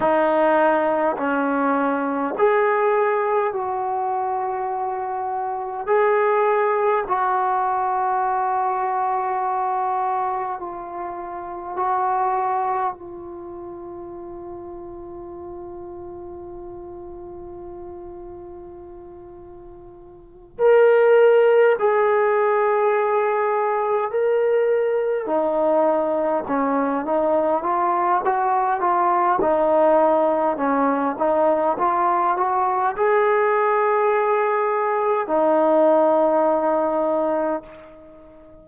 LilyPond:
\new Staff \with { instrumentName = "trombone" } { \time 4/4 \tempo 4 = 51 dis'4 cis'4 gis'4 fis'4~ | fis'4 gis'4 fis'2~ | fis'4 f'4 fis'4 f'4~ | f'1~ |
f'4. ais'4 gis'4.~ | gis'8 ais'4 dis'4 cis'8 dis'8 f'8 | fis'8 f'8 dis'4 cis'8 dis'8 f'8 fis'8 | gis'2 dis'2 | }